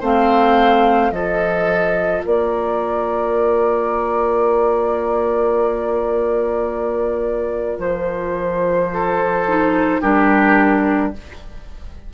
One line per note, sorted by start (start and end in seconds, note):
0.00 1.11 A3
0.00 1.12 C4
0.00 1.11 C5
0.00 1.12 F5
1.11 2.22 F3
1.11 9.45 F4
1.11 2.26 A4
1.11 2.23 D#5
2.26 7.78 A#3
2.26 8.92 A#4
2.26 7.80 D5
7.78 10.00 F3
7.78 10.02 C5
8.94 10.01 A4
9.48 10.02 D#4
10.01 11.14 G3
10.01 11.13 D4
10.01 11.12 G4
10.01 11.13 A#4